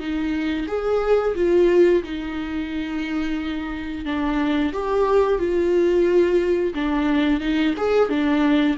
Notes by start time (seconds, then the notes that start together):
0.00 D#4
0.68 G#4
1.36 F4
2.04 D#4
4.05 D4
4.73 G4
5.39 F4
6.75 D4
7.41 D#4
7.78 G#4
8.10 D4